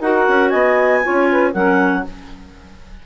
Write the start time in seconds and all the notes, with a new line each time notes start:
0.00 D#4 F#4 A#4 F#5
0.29 C#4
0.50 B3 D#5 G#5
1.04 C#4 F4 C#5
1.32 B4
1.52 F#3 C#4 A#4 F#5